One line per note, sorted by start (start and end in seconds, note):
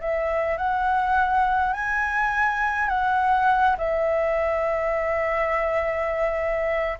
0.00 0.57 E5
0.57 1.73 F#5
1.73 2.88 G#5
2.88 3.76 F#5
3.78 6.98 E5